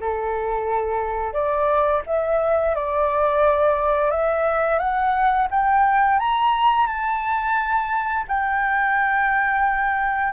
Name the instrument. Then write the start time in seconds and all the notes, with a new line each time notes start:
flute
0.00 A4
1.33 D5
2.06 E5
2.75 D5
4.10 E5
4.79 F#5
5.51 G5
6.19 A#5
6.87 A5
8.28 G5